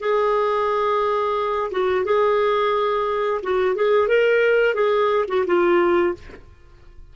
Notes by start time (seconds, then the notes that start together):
0.00 G#4
1.71 F#4
2.05 G#4
3.42 F#4
3.75 G#4
4.08 A#4
4.74 G#4
5.28 F#4
5.46 F4